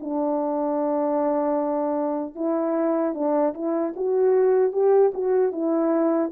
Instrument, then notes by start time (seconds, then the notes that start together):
horn
0.00 D4
2.35 E4
3.14 D4
3.54 E4
3.96 F#4
4.72 G4
5.14 F#4
5.52 E4